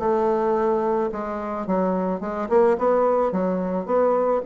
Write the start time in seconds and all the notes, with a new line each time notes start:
0.00 A3
1.13 G#3
1.67 F#3
2.21 G#3
2.50 A#3
2.78 B3
3.32 F#3
3.86 B3